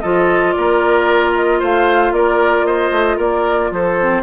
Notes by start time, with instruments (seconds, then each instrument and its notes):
0.00 bassoon F3, clarinet F4, oboe A4, flute D#5
0.52 bassoon A#3, oboe A#4, flute D5
1.35 flute D#5
1.59 bassoon A3, oboe C5, flute F5
2.12 bassoon A#3, oboe A#4, flute D5
2.66 oboe C5, flute D#5
2.91 bassoon A3
3.17 bassoon A#3, oboe A#4, flute D5
3.71 bassoon F3, oboe A4, flute C5
4.00 clarinet C4